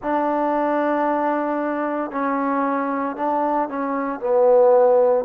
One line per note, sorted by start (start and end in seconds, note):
0.02 2.11 D4
2.11 3.16 C#4
3.16 3.68 D4
3.68 4.20 C#4
4.20 5.25 B3